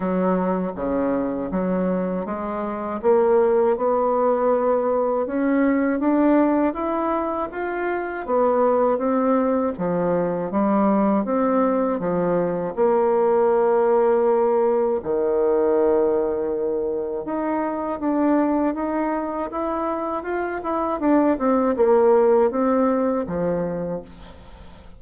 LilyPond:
\new Staff \with { instrumentName = "bassoon" } { \time 4/4 \tempo 4 = 80 fis4 cis4 fis4 gis4 | ais4 b2 cis'4 | d'4 e'4 f'4 b4 | c'4 f4 g4 c'4 |
f4 ais2. | dis2. dis'4 | d'4 dis'4 e'4 f'8 e'8 | d'8 c'8 ais4 c'4 f4 | }